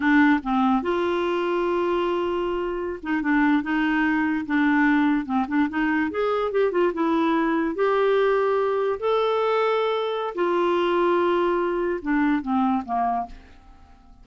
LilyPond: \new Staff \with { instrumentName = "clarinet" } { \time 4/4 \tempo 4 = 145 d'4 c'4 f'2~ | f'2.~ f'16 dis'8 d'16~ | d'8. dis'2 d'4~ d'16~ | d'8. c'8 d'8 dis'4 gis'4 g'16~ |
g'16 f'8 e'2 g'4~ g'16~ | g'4.~ g'16 a'2~ a'16~ | a'4 f'2.~ | f'4 d'4 c'4 ais4 | }